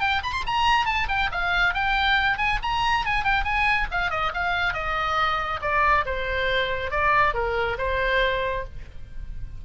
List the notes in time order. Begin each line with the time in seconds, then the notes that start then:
0.00 G5
0.23 B5
0.33 C6
0.46 A#5
0.86 A5
1.08 G5
1.31 F5
1.74 G5
2.38 G#5
2.62 A#5
3.06 G#5
3.24 G5
3.44 G#5
3.91 F5
4.10 D#5
4.34 F5
4.74 D#5
5.62 D5
6.06 C5
6.91 D5
7.34 A#4
7.78 C5